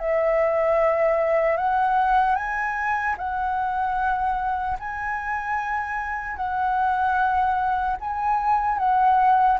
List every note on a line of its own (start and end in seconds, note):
0.00 1.57 E5
1.57 2.36 F#5
2.36 3.16 G#5
3.18 4.78 F#5
4.80 6.37 G#5
6.37 7.97 F#5
8.01 8.79 G#5
8.79 9.59 F#5